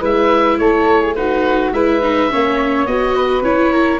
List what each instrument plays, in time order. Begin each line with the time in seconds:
0.00 tuba G#3, viola E4, flute B4, oboe E5
0.58 tuba A3, flute A4, oboe C#5
1.01 flute G#4
1.15 viola D#4, flute F#4, oboe B4
1.72 tuba G#3, viola E4, flute B4, oboe E5
2.02 viola D#4
2.30 tuba A#3, viola C#4, flute C#5
2.85 tuba B3, viola F#4, oboe D#5
3.15 flute B4
3.42 tuba C#4, viola E4, oboe C#5
3.71 flute A#4